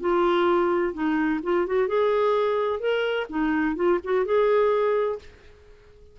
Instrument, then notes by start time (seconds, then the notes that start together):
clarinet
0.00 F4
0.93 D#4
1.43 F4
1.66 F#4
1.88 G#4
2.80 A#4
3.29 D#4
3.76 F4
4.04 F#4
4.25 G#4